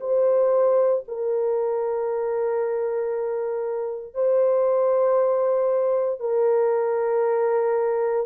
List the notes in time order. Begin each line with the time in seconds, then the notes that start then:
0.00 C5
1.08 A#4
4.14 C5
6.20 A#4